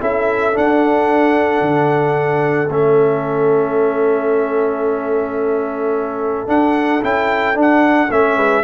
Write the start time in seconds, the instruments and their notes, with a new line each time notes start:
0.00 tuba C#4, trombone E4, horn A4, trumpet E5
0.53 trombone D4, tuba D4, trumpet F#5
1.61 tuba D3
2.69 tuba A3, trombone C#4, trumpet E5
6.47 trombone D4, tuba D4, trumpet F#5
7.02 tuba C#4, trombone E4, trumpet G5
7.54 trombone D4, tuba D4
7.61 trumpet F#5
8.11 tuba A3, trombone C#4, trumpet E5
8.36 tuba G#3, horn B4